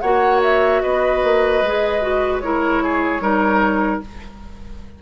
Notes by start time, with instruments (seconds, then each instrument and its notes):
0.00 bassoon A#3, clarinet F#4, oboe C#5, flute F#5
0.42 flute E5
0.81 bassoon B3, oboe B4, flute D#5
1.23 bassoon A#3
1.62 bassoon G#3, clarinet G#4
2.01 clarinet F#4
2.39 clarinet E4, oboe A#4, flute C#5
2.83 oboe G#4
3.20 bassoon G3, clarinet D#4, oboe A#4